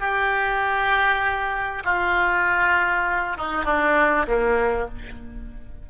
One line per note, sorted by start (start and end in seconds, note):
0.00 1.84 G4
1.85 3.38 F4
3.38 3.65 D#4
3.65 4.27 D4
4.28 4.89 A#3